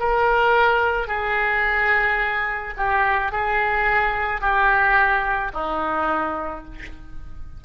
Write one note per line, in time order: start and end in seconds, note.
0.00 1.08 A#4
1.08 2.74 G#4
2.77 3.32 G4
3.32 4.41 G#4
4.41 5.52 G4
5.54 6.65 D#4